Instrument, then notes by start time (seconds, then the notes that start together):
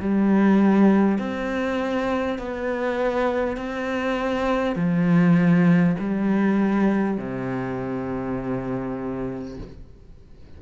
cello
0.00 G3
1.19 C4
2.39 B3
3.57 C4
4.76 F3
6.00 G3
7.18 C3